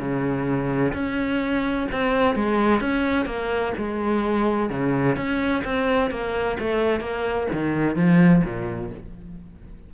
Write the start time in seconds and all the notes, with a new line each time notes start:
0.00 C#3
0.94 C#4
1.92 C4
2.36 G#3
2.81 C#4
3.26 A#3
3.78 G#3
4.70 C#3
5.17 C#4
5.65 C4
6.11 A#3
6.60 A3
7.01 A#3
7.53 D#3
7.96 F3
8.45 A#2